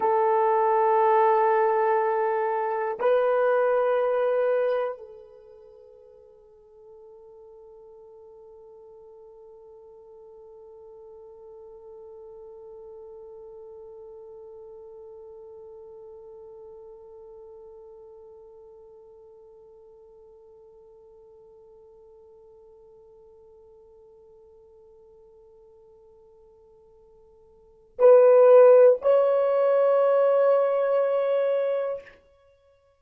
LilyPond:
\new Staff \with { instrumentName = "horn" } { \time 4/4 \tempo 4 = 60 a'2. b'4~ | b'4 a'2.~ | a'1~ | a'1~ |
a'1~ | a'1~ | a'1 | b'4 cis''2. | }